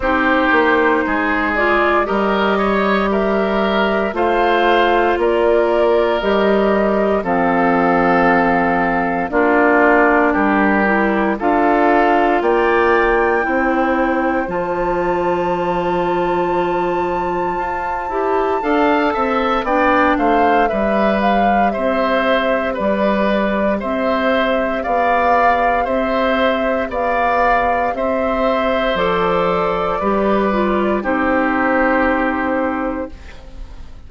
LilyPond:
<<
  \new Staff \with { instrumentName = "flute" } { \time 4/4 \tempo 4 = 58 c''4. d''8 dis''4 e''4 | f''4 d''4 dis''4 f''4~ | f''4 d''4 ais'4 f''4 | g''2 a''2~ |
a''2. g''8 f''8 | e''8 f''8 e''4 d''4 e''4 | f''4 e''4 f''4 e''4 | d''2 c''2 | }
  \new Staff \with { instrumentName = "oboe" } { \time 4/4 g'4 gis'4 ais'8 cis''8 ais'4 | c''4 ais'2 a'4~ | a'4 f'4 g'4 a'4 | d''4 c''2.~ |
c''2 f''8 e''8 d''8 c''8 | b'4 c''4 b'4 c''4 | d''4 c''4 d''4 c''4~ | c''4 b'4 g'2 | }
  \new Staff \with { instrumentName = "clarinet" } { \time 4/4 dis'4. f'8 g'2 | f'2 g'4 c'4~ | c'4 d'4. e'8 f'4~ | f'4 e'4 f'2~ |
f'4. g'8 a'4 d'4 | g'1~ | g'1 | a'4 g'8 f'8 dis'2 | }
  \new Staff \with { instrumentName = "bassoon" } { \time 4/4 c'8 ais8 gis4 g2 | a4 ais4 g4 f4~ | f4 ais4 g4 d'4 | ais4 c'4 f2~ |
f4 f'8 e'8 d'8 c'8 b8 a8 | g4 c'4 g4 c'4 | b4 c'4 b4 c'4 | f4 g4 c'2 | }
>>